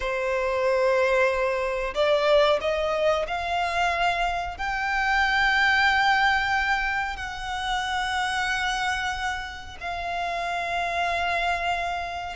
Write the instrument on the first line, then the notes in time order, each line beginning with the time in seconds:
violin
0.00 C5
1.94 D5
2.60 D#5
3.27 F5
4.57 G5
7.16 F#5
9.80 F5